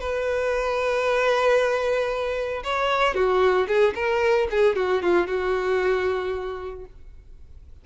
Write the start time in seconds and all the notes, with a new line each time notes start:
0.00 B4
2.64 C#5
3.15 F#4
3.68 G#4
3.95 A#4
4.51 G#4
4.76 F#4
5.02 F4
5.27 F#4